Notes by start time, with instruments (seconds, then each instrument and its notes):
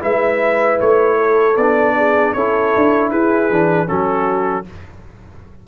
0.00 tuba G#3, trombone E4, horn B4, trumpet E5
0.80 tuba A3, trumpet C#5
1.17 horn A4
1.56 tuba B3, trombone D4, trumpet D5
1.96 horn G#4
2.33 tuba C#4, trombone E4, horn A4, trumpet C#5
2.75 tuba D4
3.10 tuba E4, horn G#4, trumpet B4
3.50 tuba E3, trombone D4
3.87 tuba F#3, trombone C#4, horn F#4, trumpet A4